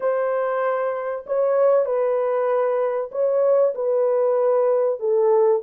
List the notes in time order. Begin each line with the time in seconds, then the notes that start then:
0.00 C5
1.26 C#5
1.85 B4
3.11 C#5
3.74 B4
4.99 A4